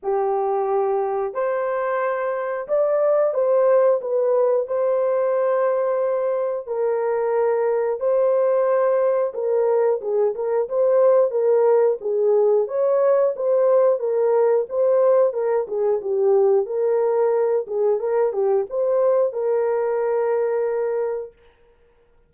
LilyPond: \new Staff \with { instrumentName = "horn" } { \time 4/4 \tempo 4 = 90 g'2 c''2 | d''4 c''4 b'4 c''4~ | c''2 ais'2 | c''2 ais'4 gis'8 ais'8 |
c''4 ais'4 gis'4 cis''4 | c''4 ais'4 c''4 ais'8 gis'8 | g'4 ais'4. gis'8 ais'8 g'8 | c''4 ais'2. | }